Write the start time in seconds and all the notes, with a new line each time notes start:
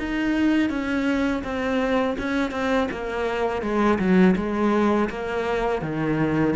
0.00 D#4
0.70 C#4
1.44 C4
2.19 C#4
2.52 C4
2.92 A#3
3.63 G#3
3.99 F#3
4.37 G#3
5.10 A#3
5.82 D#3